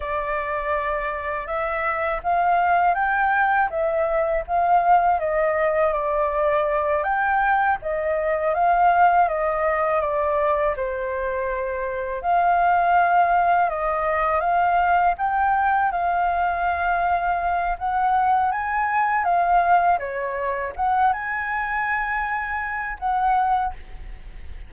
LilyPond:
\new Staff \with { instrumentName = "flute" } { \time 4/4 \tempo 4 = 81 d''2 e''4 f''4 | g''4 e''4 f''4 dis''4 | d''4. g''4 dis''4 f''8~ | f''8 dis''4 d''4 c''4.~ |
c''8 f''2 dis''4 f''8~ | f''8 g''4 f''2~ f''8 | fis''4 gis''4 f''4 cis''4 | fis''8 gis''2~ gis''8 fis''4 | }